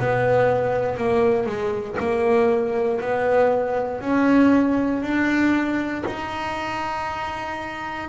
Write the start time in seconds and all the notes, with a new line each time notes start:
0.00 B3
0.98 A#3
1.47 G#3
2.00 A#3
3.01 B3
4.01 C#4
5.02 D4
6.06 D#4